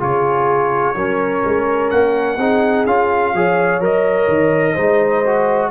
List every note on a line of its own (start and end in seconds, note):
0.00 0.96 C#3
0.00 0.95 F4
0.00 0.95 G#4
0.00 1.91 C#5
0.95 1.43 F#3
0.95 2.39 C#4
0.95 2.38 A#4
1.44 1.92 G#3
1.91 2.38 A#3
1.91 2.86 F#5
2.38 2.85 C4
2.38 2.88 D#4
2.38 3.33 G#4
2.87 3.34 C#4
2.87 3.35 F4
2.87 3.82 F5
3.34 3.80 F3
3.34 3.81 G#4
3.34 4.74 C#5
3.80 4.27 F#3
3.80 4.76 A#4
3.80 5.71 D#5
4.28 4.76 D#3
4.74 5.71 G#3
4.74 5.25 D#4
4.74 5.69 C5
5.26 5.71 F#4